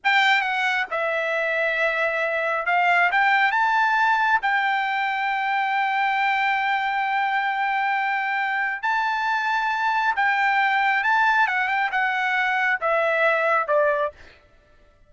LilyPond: \new Staff \with { instrumentName = "trumpet" } { \time 4/4 \tempo 4 = 136 g''4 fis''4 e''2~ | e''2 f''4 g''4 | a''2 g''2~ | g''1~ |
g''1 | a''2. g''4~ | g''4 a''4 fis''8 g''8 fis''4~ | fis''4 e''2 d''4 | }